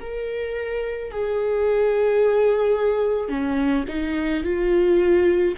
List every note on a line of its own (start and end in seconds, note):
0.00 1.11 A#4
1.11 3.29 G#4
3.29 3.84 C#4
3.88 4.43 D#4
4.43 5.55 F4